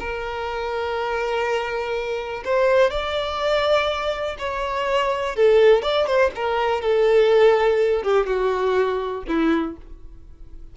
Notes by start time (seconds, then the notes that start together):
0.00 A#4
2.45 C5
2.91 D5
4.39 C#5
5.36 A4
5.83 D5
6.07 C5
6.36 A#4
6.82 A4
8.03 G4
8.27 F#4
9.28 E4